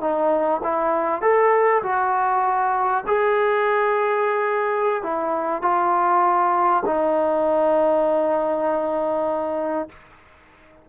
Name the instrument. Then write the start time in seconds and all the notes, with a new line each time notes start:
trombone
0.00 D#4
0.63 E4
1.21 A4
1.82 F#4
3.07 G#4
5.02 E4
5.61 F4
6.85 D#4